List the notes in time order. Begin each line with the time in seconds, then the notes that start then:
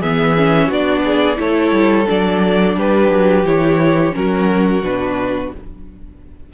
0.00 E3 B3 G#4 E5
0.37 C#4
0.68 B3 D4 F#4 D5
1.05 G#4
1.36 A3 E4 A4 C#5
1.72 G3
2.07 F#3 D4 D5
2.77 G3 G4 B4
3.10 F#3
3.44 E3 E4 C#5
4.12 F#3 C#4 F#4 A#4
4.83 B2 D4 B4